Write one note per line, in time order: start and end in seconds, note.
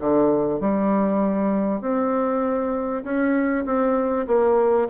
0.00 0.60 D3
0.60 1.81 G3
1.81 3.03 C4
3.04 3.65 C#4
3.65 4.27 C4
4.27 4.88 A#3